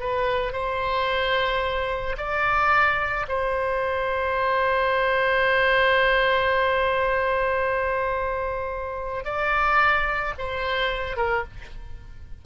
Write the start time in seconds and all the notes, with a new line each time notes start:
0.00 B4
0.53 C5
2.18 D5
3.29 C5
9.25 D5
10.39 C5
11.17 A#4